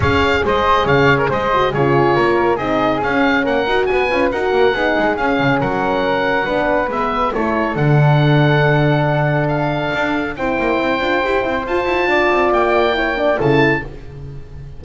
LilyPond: <<
  \new Staff \with { instrumentName = "oboe" } { \time 4/4 \tempo 4 = 139 f''4 dis''4 f''8. ais'16 dis''4 | cis''2 dis''4 f''4 | fis''4 gis''4 fis''2 | f''4 fis''2. |
e''4 cis''4 fis''2~ | fis''2 f''2 | g''2. a''4~ | a''4 g''2 a''4 | }
  \new Staff \with { instrumentName = "flute" } { \time 4/4 cis''4 c''4 cis''4 c''4 | gis'4 ais'4 gis'2 | ais'4 b'4 ais'4 gis'4~ | gis'4 ais'2 b'4~ |
b'4 a'2.~ | a'1 | c''1 | d''2 cis''8 d''8 a'4 | }
  \new Staff \with { instrumentName = "horn" } { \time 4/4 gis'2.~ gis'8 fis'8 | f'2 dis'4 cis'4~ | cis'8 fis'4 f'8 fis'4 dis'4 | cis'2. d'4 |
b4 e'4 d'2~ | d'1 | e'4. f'8 g'8 e'8 f'4~ | f'2 e'8 d'8 e'4 | }
  \new Staff \with { instrumentName = "double bass" } { \time 4/4 cis'4 gis4 cis4 gis4 | cis4 ais4 c'4 cis'4 | ais8 dis'8 b8 cis'8 dis'8 ais8 b8 gis8 | cis'8 cis8 fis2 b4 |
gis4 a4 d2~ | d2. d'4 | c'8 ais8 c'8 d'8 e'8 c'8 f'8 e'8 | d'8 c'8 ais2 cis4 | }
>>